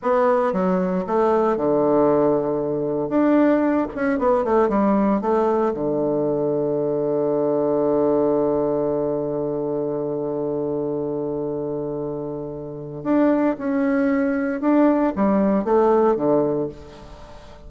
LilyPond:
\new Staff \with { instrumentName = "bassoon" } { \time 4/4 \tempo 4 = 115 b4 fis4 a4 d4~ | d2 d'4. cis'8 | b8 a8 g4 a4 d4~ | d1~ |
d1~ | d1~ | d4 d'4 cis'2 | d'4 g4 a4 d4 | }